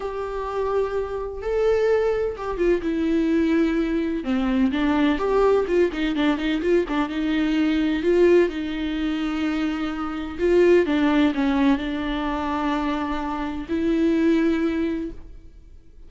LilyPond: \new Staff \with { instrumentName = "viola" } { \time 4/4 \tempo 4 = 127 g'2. a'4~ | a'4 g'8 f'8 e'2~ | e'4 c'4 d'4 g'4 | f'8 dis'8 d'8 dis'8 f'8 d'8 dis'4~ |
dis'4 f'4 dis'2~ | dis'2 f'4 d'4 | cis'4 d'2.~ | d'4 e'2. | }